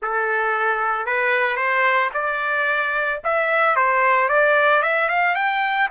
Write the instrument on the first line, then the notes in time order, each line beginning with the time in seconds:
trumpet
0.02 A4
1.05 B4
1.56 C5
2.13 D5
3.24 E5
3.76 C5
4.29 D5
4.82 E5
5.08 F5
5.35 G5